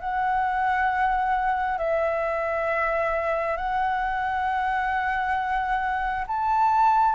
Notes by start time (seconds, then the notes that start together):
0.00 F#5
1.78 E5
3.57 F#5
6.27 A5